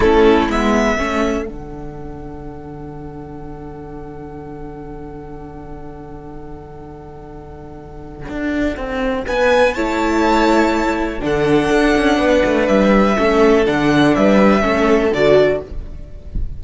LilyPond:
<<
  \new Staff \with { instrumentName = "violin" } { \time 4/4 \tempo 4 = 123 a'4 e''2 fis''4~ | fis''1~ | fis''1~ | fis''1~ |
fis''2. gis''4 | a''2. fis''4~ | fis''2 e''2 | fis''4 e''2 d''4 | }
  \new Staff \with { instrumentName = "violin" } { \time 4/4 e'2 a'2~ | a'1~ | a'1~ | a'1~ |
a'2. b'4 | cis''2. a'4~ | a'4 b'2 a'4~ | a'4 b'4 a'2 | }
  \new Staff \with { instrumentName = "viola" } { \time 4/4 cis'4 b4 cis'4 d'4~ | d'1~ | d'1~ | d'1~ |
d'1 | e'2. d'4~ | d'2. cis'4 | d'2 cis'4 fis'4 | }
  \new Staff \with { instrumentName = "cello" } { \time 4/4 a4 gis4 a4 d4~ | d1~ | d1~ | d1~ |
d4 d'4 c'4 b4 | a2. d4 | d'8 cis'8 b8 a8 g4 a4 | d4 g4 a4 d4 | }
>>